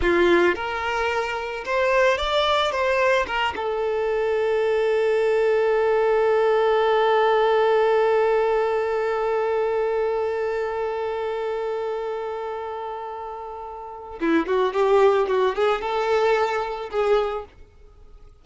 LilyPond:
\new Staff \with { instrumentName = "violin" } { \time 4/4 \tempo 4 = 110 f'4 ais'2 c''4 | d''4 c''4 ais'8 a'4.~ | a'1~ | a'1~ |
a'1~ | a'1~ | a'2 e'8 fis'8 g'4 | fis'8 gis'8 a'2 gis'4 | }